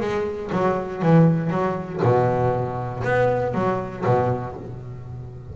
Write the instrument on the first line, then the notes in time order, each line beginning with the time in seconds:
double bass
0.00 G#3
0.52 F#3
1.02 E3
1.50 F#3
2.02 B2
3.04 B3
3.54 F#3
4.05 B2